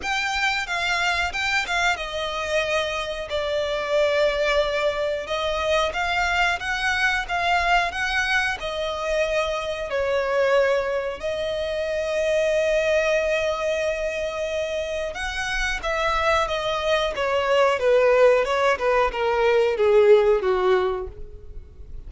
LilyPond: \new Staff \with { instrumentName = "violin" } { \time 4/4 \tempo 4 = 91 g''4 f''4 g''8 f''8 dis''4~ | dis''4 d''2. | dis''4 f''4 fis''4 f''4 | fis''4 dis''2 cis''4~ |
cis''4 dis''2.~ | dis''2. fis''4 | e''4 dis''4 cis''4 b'4 | cis''8 b'8 ais'4 gis'4 fis'4 | }